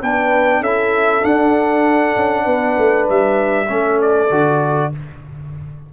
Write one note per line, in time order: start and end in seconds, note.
0.00 0.61 B3
0.00 0.64 D4
0.00 0.61 B4
0.00 0.63 G5
0.61 1.22 C#4
0.61 1.22 E4
0.61 2.44 A4
0.61 1.24 E5
1.22 3.66 D4
1.22 2.16 D4
1.22 3.08 F#5
2.16 2.46 C#4
2.44 2.77 B3
2.44 3.67 B4
2.78 3.08 A3
3.09 3.70 G3
3.09 4.01 E5
3.69 4.31 A3
3.69 4.30 C#4
3.69 4.91 A4
4.02 4.93 D5
4.31 4.92 D3
4.31 4.92 F#4